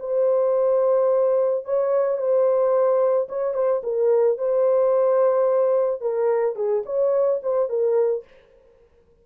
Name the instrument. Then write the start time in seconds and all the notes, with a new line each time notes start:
horn
0.00 C5
1.65 C#5
2.18 C5
3.29 C#5
3.55 C5
3.84 A#4
4.38 C5
6.01 A#4
6.56 G#4
6.86 C#5
7.43 C5
7.69 A#4